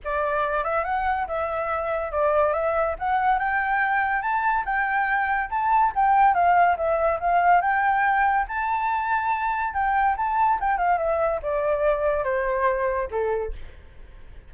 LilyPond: \new Staff \with { instrumentName = "flute" } { \time 4/4 \tempo 4 = 142 d''4. e''8 fis''4 e''4~ | e''4 d''4 e''4 fis''4 | g''2 a''4 g''4~ | g''4 a''4 g''4 f''4 |
e''4 f''4 g''2 | a''2. g''4 | a''4 g''8 f''8 e''4 d''4~ | d''4 c''2 a'4 | }